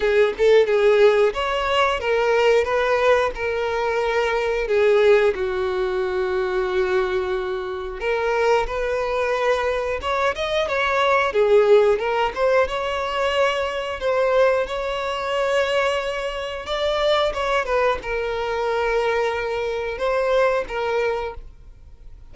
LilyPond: \new Staff \with { instrumentName = "violin" } { \time 4/4 \tempo 4 = 90 gis'8 a'8 gis'4 cis''4 ais'4 | b'4 ais'2 gis'4 | fis'1 | ais'4 b'2 cis''8 dis''8 |
cis''4 gis'4 ais'8 c''8 cis''4~ | cis''4 c''4 cis''2~ | cis''4 d''4 cis''8 b'8 ais'4~ | ais'2 c''4 ais'4 | }